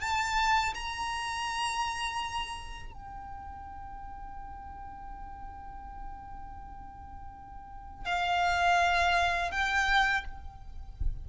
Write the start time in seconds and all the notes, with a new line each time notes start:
0.00 A5
0.74 A#5
2.93 G5
8.05 F5
9.51 G5